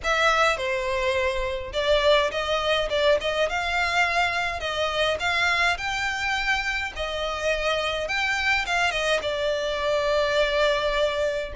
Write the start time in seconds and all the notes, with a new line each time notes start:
0.03 E5
0.57 C5
1.73 D5
2.31 D#5
2.89 D5
3.20 D#5
3.49 F5
4.59 D#5
5.19 F5
5.77 G5
6.96 D#5
8.08 G5
8.65 F5
8.91 D#5
9.22 D5